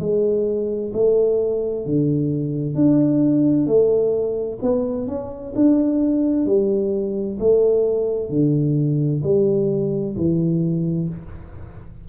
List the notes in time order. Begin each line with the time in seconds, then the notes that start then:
0.00 G#3
0.94 A3
1.86 D3
2.76 D4
3.67 A3
4.62 B3
5.08 C#4
5.56 D4
6.46 G3
7.40 A3
8.30 D3
9.24 G3
10.17 E3